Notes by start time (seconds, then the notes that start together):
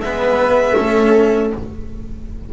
0.00 G#3 B3 B4 E5
0.77 A3 C#4 A4